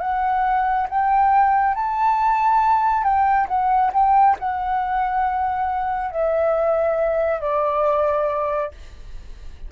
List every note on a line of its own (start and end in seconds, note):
0.00 0.87 F#5
0.89 1.74 G5
1.74 3.04 A5
3.04 3.47 G5
3.47 3.91 F#5
3.93 4.36 G5
4.39 6.11 F#5
6.11 7.40 E5
7.40 8.71 D5